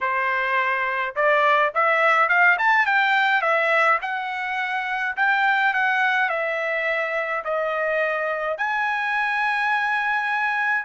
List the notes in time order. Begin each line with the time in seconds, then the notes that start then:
0.01 C5
1.15 D5
1.74 E5
2.28 F5
2.58 A5
2.86 G5
3.41 E5
4.01 F#5
5.16 G5
5.73 F#5
6.29 E5
7.44 D#5
8.57 G#5